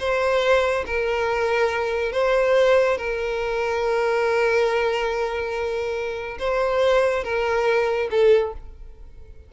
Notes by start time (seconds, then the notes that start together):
0.00 C5
0.87 A#4
2.13 C5
2.98 A#4
6.39 C5
7.24 A#4
8.11 A4